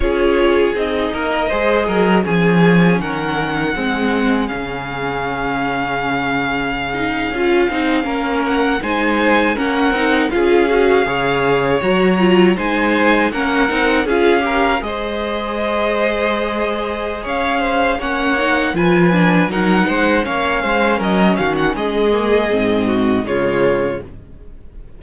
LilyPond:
<<
  \new Staff \with { instrumentName = "violin" } { \time 4/4 \tempo 4 = 80 cis''4 dis''2 gis''4 | fis''2 f''2~ | f''2.~ f''16 fis''8 gis''16~ | gis''8. fis''4 f''2 ais''16~ |
ais''8. gis''4 fis''4 f''4 dis''16~ | dis''2. f''4 | fis''4 gis''4 fis''4 f''4 | dis''8 f''16 fis''16 dis''2 cis''4 | }
  \new Staff \with { instrumentName = "violin" } { \time 4/4 gis'4. ais'8 c''8 ais'8 gis'4 | ais'4 gis'2.~ | gis'2~ gis'8. ais'4 c''16~ | c''8. ais'4 gis'4 cis''4~ cis''16~ |
cis''8. c''4 ais'4 gis'8 ais'8 c''16~ | c''2. cis''8 c''8 | cis''4 b'4 ais'8 c''8 cis''8 c''8 | ais'8 fis'8 gis'4. fis'8 f'4 | }
  \new Staff \with { instrumentName = "viola" } { \time 4/4 f'4 dis'4 gis'4 cis'4~ | cis'4 c'4 cis'2~ | cis'4~ cis'16 dis'8 f'8 dis'8 cis'4 dis'16~ | dis'8. cis'8 dis'8 f'8 fis'8 gis'4 fis'16~ |
fis'16 f'8 dis'4 cis'8 dis'8 f'8 g'8 gis'16~ | gis'1 | cis'8 dis'8 f'8 d'8 dis'4 cis'4~ | cis'4. ais8 c'4 gis4 | }
  \new Staff \with { instrumentName = "cello" } { \time 4/4 cis'4 c'8 ais8 gis8 fis8 f4 | dis4 gis4 cis2~ | cis4.~ cis16 cis'8 c'8 ais4 gis16~ | gis8. ais8 c'8 cis'4 cis4 fis16~ |
fis8. gis4 ais8 c'8 cis'4 gis16~ | gis2. cis'4 | ais4 f4 fis8 gis8 ais8 gis8 | fis8 dis8 gis4 gis,4 cis4 | }
>>